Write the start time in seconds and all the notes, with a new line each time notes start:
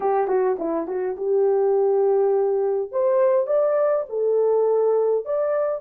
0.00 G4
0.27 F#4
0.58 E4
0.87 F#4
1.16 G4
2.91 C5
3.47 D5
4.09 A4
5.25 D5